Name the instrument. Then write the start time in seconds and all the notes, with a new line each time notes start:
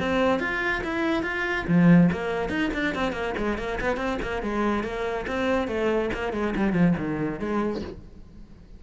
cello
0.00 C4
0.40 F4
0.84 E4
1.23 F4
1.68 F3
2.12 A#3
2.50 D#4
2.74 D4
2.95 C4
3.13 A#3
3.38 G#3
3.58 A#3
3.81 B3
3.97 C4
4.23 A#3
4.43 G#3
4.84 A#3
5.27 C4
5.68 A3
6.14 A#3
6.33 G#3
6.56 G3
6.73 F3
6.98 D#3
7.40 G#3